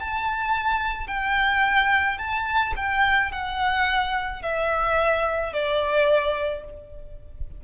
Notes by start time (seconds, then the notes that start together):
0.00 A5
1.08 G5
2.18 A5
2.76 G5
3.32 F#5
4.42 E5
5.54 D5